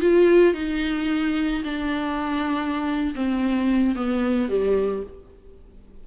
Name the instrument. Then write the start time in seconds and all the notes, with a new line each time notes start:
viola
0.00 F4
0.54 D#4
1.64 D4
3.15 C4
3.95 B3
4.49 G3